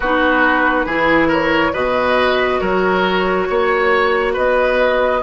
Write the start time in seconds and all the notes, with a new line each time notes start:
0.00 B3 D#4 F#4 B4
0.85 E3 E4 G#4
1.28 A#4 C#5
1.73 B2 F#4 B4 D#5
2.60 F#3 A#4 C#5
3.49 A#3 C#5
4.33 B3 B4 D#5